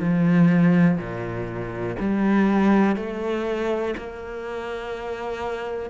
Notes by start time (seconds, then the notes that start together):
0.00 F3
0.98 A#2
1.99 G3
2.96 A3
3.97 A#3